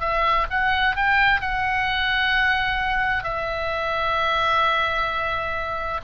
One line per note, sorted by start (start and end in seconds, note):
0.00 0.46 E5
0.50 0.96 F#5
0.96 1.41 G5
1.41 3.23 F#5
3.23 6.00 E5